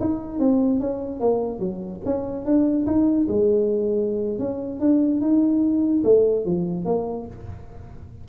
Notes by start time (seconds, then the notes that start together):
0.00 D#4
0.39 C4
0.80 C#4
1.20 A#3
1.59 F#3
2.05 C#4
2.45 D4
2.86 D#4
3.28 G#3
4.39 C#4
4.80 D4
5.21 D#4
6.04 A3
6.45 F3
6.85 A#3